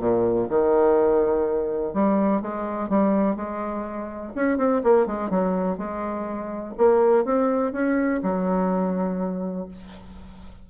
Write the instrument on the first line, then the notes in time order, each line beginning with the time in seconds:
bassoon
0.00 A#2
0.49 D#3
1.94 G3
2.42 G#3
2.90 G3
3.37 G#3
4.36 C#4
4.58 C4
4.84 A#3
5.07 G#3
5.30 F#3
5.78 G#3
6.78 A#3
7.25 C4
7.73 C#4
8.23 F#3